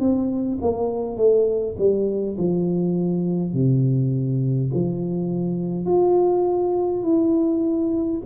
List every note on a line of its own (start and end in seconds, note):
0.00 0.59 C4
0.61 1.17 A#3
1.17 1.76 A3
1.78 2.37 G3
2.38 3.53 F3
3.53 4.71 C3
4.74 5.86 F3
5.86 7.03 F4
7.03 8.21 E4